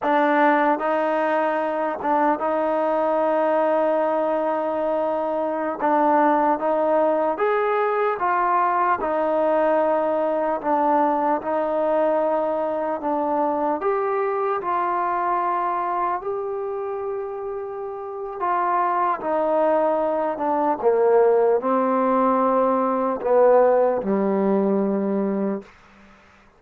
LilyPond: \new Staff \with { instrumentName = "trombone" } { \time 4/4 \tempo 4 = 75 d'4 dis'4. d'8 dis'4~ | dis'2.~ dis'16 d'8.~ | d'16 dis'4 gis'4 f'4 dis'8.~ | dis'4~ dis'16 d'4 dis'4.~ dis'16~ |
dis'16 d'4 g'4 f'4.~ f'16~ | f'16 g'2~ g'8. f'4 | dis'4. d'8 ais4 c'4~ | c'4 b4 g2 | }